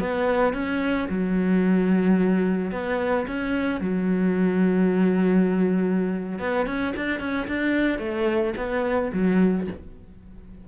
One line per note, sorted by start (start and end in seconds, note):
0.00 0.54 B3
0.54 1.08 C#4
1.09 2.72 F#3
2.72 3.26 B3
3.27 3.81 C#4
3.81 6.39 F#3
6.39 6.67 B3
6.67 6.94 C#4
6.97 7.20 D4
7.20 7.47 C#4
7.48 7.99 D4
7.99 8.54 A3
8.57 9.12 B3
9.13 9.68 F#3